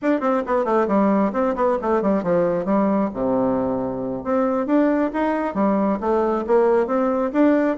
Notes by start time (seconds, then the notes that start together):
0.02 D4
0.20 C4
0.46 B3
0.64 A3
0.87 G3
1.33 C4
1.55 B3
1.81 A3
2.02 G3
2.23 F3
2.65 G3
3.13 C3
4.23 C4
4.66 D4
5.13 D#4
5.54 G3
6.00 A3
6.46 A#3
6.86 C4
7.32 D4